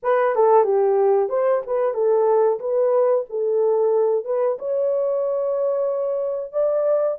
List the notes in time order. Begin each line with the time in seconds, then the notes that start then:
0.02 B4
0.35 A4
0.63 G4
1.29 C5
1.66 B4
1.94 A4
2.59 B4
3.29 A4
4.25 B4
4.58 C#5
6.52 D5